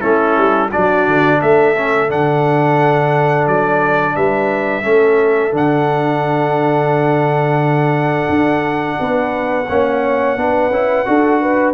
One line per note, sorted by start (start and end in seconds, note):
0.00 0.37 A3
0.00 0.70 C#4
0.00 0.69 E4
0.00 0.70 A4
0.37 0.72 G3
0.71 1.08 F#3
0.71 1.75 D4
0.71 1.40 F#4
0.71 1.41 D5
1.08 1.42 D3
1.41 2.11 A3
1.41 4.16 A4
1.41 2.11 E5
1.76 2.08 C#4
2.08 3.47 D3
2.08 4.83 D4
2.08 3.47 F#5
3.47 4.16 F#3
3.47 4.16 D5
4.16 4.85 G3
4.16 4.84 B4
4.16 5.54 E5
4.83 5.53 A3
4.83 5.52 C#4
4.83 8.98 A4
5.52 8.29 D3
5.52 9.66 D4
5.52 11.74 F#5
8.29 8.98 D4
9.00 9.69 B3
9.00 9.69 B4
9.69 10.37 A#3
9.69 10.37 C#4
9.69 10.38 C#5
10.37 10.70 B3
10.37 10.72 D4
10.37 11.08 B4
10.70 11.04 C#4
10.70 11.06 E4
11.06 11.74 D4
11.06 11.74 F#4
11.06 11.42 A4
11.42 11.74 B4